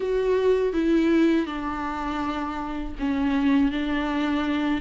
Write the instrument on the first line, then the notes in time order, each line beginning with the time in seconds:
viola
0.00 F#4
0.73 E4
1.46 D4
2.99 C#4
3.71 D4